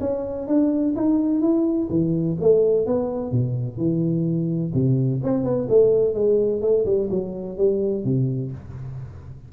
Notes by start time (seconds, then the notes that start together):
0.00 C#4
0.47 D4
0.96 D#4
1.41 E4
1.90 E3
2.41 A3
2.86 B3
3.31 B2
3.77 E3
4.74 C3
5.23 C4
5.44 B3
5.69 A3
6.14 G#3
6.61 A3
6.85 G3
7.10 F#3
7.57 G3
8.04 C3